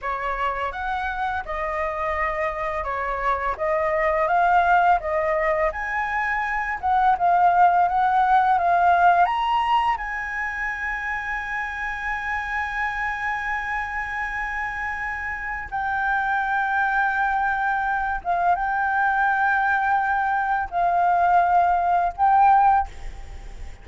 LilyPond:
\new Staff \with { instrumentName = "flute" } { \time 4/4 \tempo 4 = 84 cis''4 fis''4 dis''2 | cis''4 dis''4 f''4 dis''4 | gis''4. fis''8 f''4 fis''4 | f''4 ais''4 gis''2~ |
gis''1~ | gis''2 g''2~ | g''4. f''8 g''2~ | g''4 f''2 g''4 | }